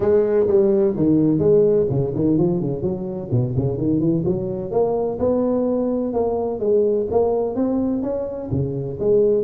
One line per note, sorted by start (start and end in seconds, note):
0.00 0.47 G#3
0.47 0.94 G3
0.96 1.39 D#3
1.39 1.86 G#3
1.90 2.13 C#3
2.15 2.37 D#3
2.37 2.60 F3
2.60 2.82 C#3
2.82 3.29 F#3
3.31 3.54 B2
3.56 3.77 C#3
3.77 4.00 D#3
4.00 4.23 E3
4.25 4.71 F#3
4.71 5.18 A#3
5.19 6.13 B3
6.13 6.59 A#3
6.59 7.06 G#3
7.10 7.55 A#3
7.55 8.02 C4
8.02 8.49 C#4
8.51 8.98 C#3
8.99 9.43 G#3